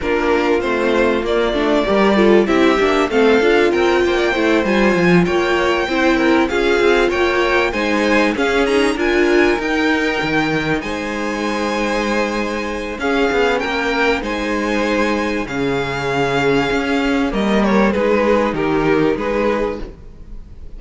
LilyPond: <<
  \new Staff \with { instrumentName = "violin" } { \time 4/4 \tempo 4 = 97 ais'4 c''4 d''2 | e''4 f''4 g''4. gis''8~ | gis''8 g''2 f''4 g''8~ | g''8 gis''4 f''8 ais''8 gis''4 g''8~ |
g''4. gis''2~ gis''8~ | gis''4 f''4 g''4 gis''4~ | gis''4 f''2. | dis''8 cis''8 b'4 ais'4 b'4 | }
  \new Staff \with { instrumentName = "violin" } { \time 4/4 f'2. ais'8 a'8 | g'4 a'4 ais'8 c''16 d''16 c''4~ | c''8 cis''4 c''8 ais'8 gis'4 cis''8~ | cis''8 c''4 gis'4 ais'4.~ |
ais'4. c''2~ c''8~ | c''4 gis'4 ais'4 c''4~ | c''4 gis'2. | ais'4 gis'4 g'4 gis'4 | }
  \new Staff \with { instrumentName = "viola" } { \time 4/4 d'4 c'4 ais8 d'8 g'8 f'8 | e'8 d'8 c'8 f'4. e'8 f'8~ | f'4. e'4 f'4.~ | f'8 dis'4 cis'8 dis'8 f'4 dis'8~ |
dis'1~ | dis'4 cis'2 dis'4~ | dis'4 cis'2. | ais4 dis'2. | }
  \new Staff \with { instrumentName = "cello" } { \time 4/4 ais4 a4 ais8 a8 g4 | c'8 ais8 a8 d'8 c'8 ais8 a8 g8 | f8 ais4 c'4 cis'8 c'8 ais8~ | ais8 gis4 cis'4 d'4 dis'8~ |
dis'8 dis4 gis2~ gis8~ | gis4 cis'8 b8 ais4 gis4~ | gis4 cis2 cis'4 | g4 gis4 dis4 gis4 | }
>>